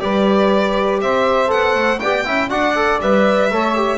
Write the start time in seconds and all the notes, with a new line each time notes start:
0.00 G3 G4 B4 D5
1.01 C4 C5 E5
1.47 B3 A4 F#5
1.74 A3
1.99 B3 G4 D5 G5
2.25 C#4 E4 E5
2.49 D4 F#4 D5 F#5
2.75 A4
3.01 G3 B4 E5
3.50 A3 A4 C#5
3.76 G4